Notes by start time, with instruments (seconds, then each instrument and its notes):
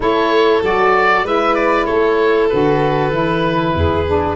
0.00 tuba A3, saxophone E4, violin A4, oboe C#5
0.62 tuba F#3, saxophone F#4, oboe D5
1.23 tuba G#3, saxophone E4, violin B4, oboe E5
1.55 oboe D5
1.85 tuba A3, violin A4, oboe C#5
2.49 tuba D3, saxophone F#4, oboe B4
3.10 tuba E3, saxophone E4
3.74 tuba E2, violin G#4
4.06 saxophone D4